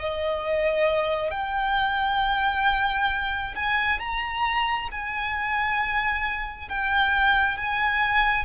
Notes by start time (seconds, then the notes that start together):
0.00 D#5
1.31 G5
3.56 G#5
4.00 A#5
4.92 G#5
6.69 G5
7.58 G#5